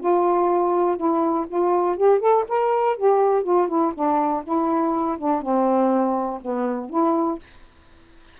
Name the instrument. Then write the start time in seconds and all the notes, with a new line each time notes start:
saxophone
0.00 F4
0.97 E4
1.47 F4
1.97 G4
2.20 A4
2.48 A#4
2.97 G4
3.43 F4
3.68 E4
3.94 D4
4.44 E4
5.18 D4
5.41 C4
6.41 B3
6.89 E4